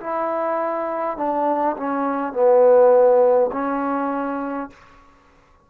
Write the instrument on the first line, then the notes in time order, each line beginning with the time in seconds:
trombone
0.00 E4
1.17 D4
1.76 C#4
2.33 B3
3.52 C#4